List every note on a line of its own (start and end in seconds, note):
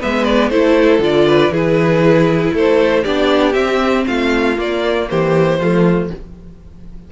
0.00 0.51 G#3
0.00 0.51 B3
0.00 0.51 B4
0.00 0.25 E5
0.25 0.50 D5
0.50 0.99 A3
0.50 1.01 E4
0.50 1.28 A4
0.50 1.01 C5
0.99 1.50 D3
0.99 1.52 F4
0.99 1.54 D5
1.28 1.52 B4
1.50 2.51 E3
1.50 3.06 E4
1.50 2.54 G#4
1.50 2.56 B4
2.54 3.05 A3
2.54 3.03 A4
2.54 3.04 C5
3.03 3.56 B3
3.03 3.53 D4
3.03 4.05 G4
3.03 3.53 D5
3.53 4.55 C4
3.53 4.07 C4
3.53 4.04 E5
4.07 4.58 A3
4.07 5.09 F4
4.07 4.58 F5
4.56 5.58 A#3
4.56 5.09 A#3
4.56 5.10 D5
5.10 5.60 E3
5.10 5.60 G4
5.10 6.11 C5
5.60 6.11 F3
5.60 6.12 A3
5.60 6.11 F4